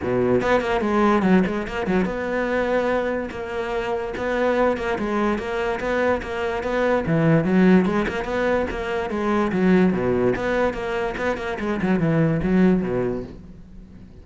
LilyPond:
\new Staff \with { instrumentName = "cello" } { \time 4/4 \tempo 4 = 145 b,4 b8 ais8 gis4 fis8 gis8 | ais8 fis8 b2. | ais2 b4. ais8 | gis4 ais4 b4 ais4 |
b4 e4 fis4 gis8 ais8 | b4 ais4 gis4 fis4 | b,4 b4 ais4 b8 ais8 | gis8 fis8 e4 fis4 b,4 | }